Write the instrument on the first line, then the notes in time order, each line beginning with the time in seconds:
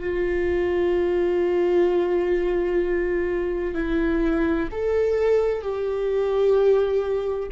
viola
0.00 F4
3.75 E4
4.71 A4
5.62 G4